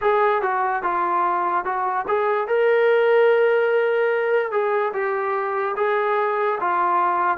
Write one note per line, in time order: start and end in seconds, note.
0.01 0.41 G#4
0.41 0.82 F#4
0.82 1.64 F4
1.64 2.05 F#4
2.07 2.47 G#4
2.47 4.51 A#4
4.51 4.92 G#4
4.93 5.75 G4
5.76 6.58 G#4
6.60 7.37 F4